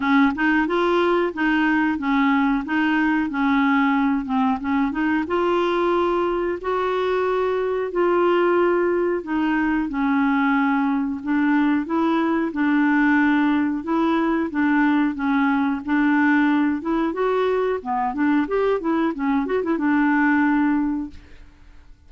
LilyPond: \new Staff \with { instrumentName = "clarinet" } { \time 4/4 \tempo 4 = 91 cis'8 dis'8 f'4 dis'4 cis'4 | dis'4 cis'4. c'8 cis'8 dis'8 | f'2 fis'2 | f'2 dis'4 cis'4~ |
cis'4 d'4 e'4 d'4~ | d'4 e'4 d'4 cis'4 | d'4. e'8 fis'4 b8 d'8 | g'8 e'8 cis'8 fis'16 e'16 d'2 | }